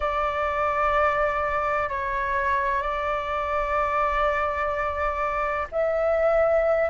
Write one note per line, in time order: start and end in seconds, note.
0.00 1.89 D5
1.89 2.81 C#5
2.81 5.67 D5
5.71 6.89 E5